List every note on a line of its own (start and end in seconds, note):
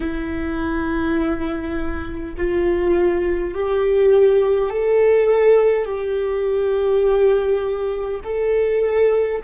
0.00 2.35 E4
2.37 3.54 F4
3.54 4.70 G4
4.70 5.85 A4
5.85 8.20 G4
8.24 9.41 A4